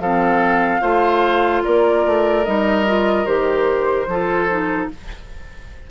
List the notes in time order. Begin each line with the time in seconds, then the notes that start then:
0.00 F3 C4 A4 F5
0.82 A3 F4 C5
1.64 A#3 A#4 D5
2.06 A3
2.45 G3 D#4 D#5
2.87 F4
3.26 D#3 G4 C5
4.08 F3 F4 A4
4.50 D#4